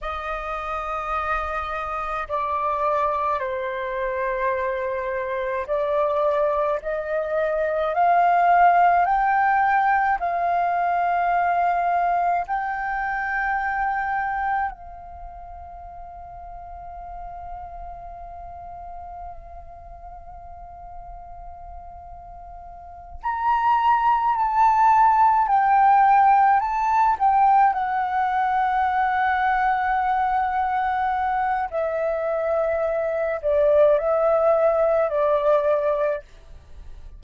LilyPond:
\new Staff \with { instrumentName = "flute" } { \time 4/4 \tempo 4 = 53 dis''2 d''4 c''4~ | c''4 d''4 dis''4 f''4 | g''4 f''2 g''4~ | g''4 f''2.~ |
f''1~ | f''8 ais''4 a''4 g''4 a''8 | g''8 fis''2.~ fis''8 | e''4. d''8 e''4 d''4 | }